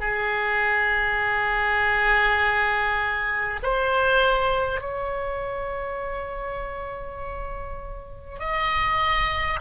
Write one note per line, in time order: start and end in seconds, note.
0.00 3.60 G#4
3.62 4.81 C5
4.81 8.39 C#5
8.39 9.59 D#5